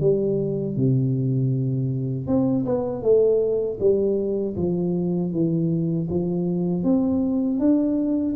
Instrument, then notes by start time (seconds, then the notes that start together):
tuba
0.00 G3
0.76 C3
2.27 C4
2.65 B3
3.02 A3
3.79 G3
4.56 F3
5.32 E3
6.10 F3
6.83 C4
7.59 D4